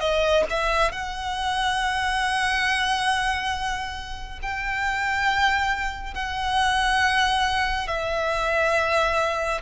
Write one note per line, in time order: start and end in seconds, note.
0.00 0.43 D#5
0.49 0.91 E5
0.91 4.39 F#5
4.42 6.13 G5
6.13 7.87 F#5
7.87 9.61 E5